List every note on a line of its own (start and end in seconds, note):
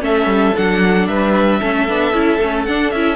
0.00 0.26 A3
0.00 0.53 C#4
0.00 1.09 A4
0.00 0.56 E5
0.26 0.52 G3
0.56 1.07 F#3
0.56 1.61 D4
0.56 1.07 F#5
1.07 1.60 G3
1.07 1.60 B4
1.07 2.64 E5
1.60 1.88 A3
1.60 1.87 C#4
1.60 3.16 A4
1.88 2.12 B3
1.88 2.13 D4
2.12 2.39 C#4
2.12 2.39 E4
2.40 2.67 A3
2.40 2.67 C#4
2.65 2.92 D4
2.65 2.94 D4
2.65 2.90 F#5
2.90 3.16 C#4
2.90 3.16 E4
2.90 3.16 E5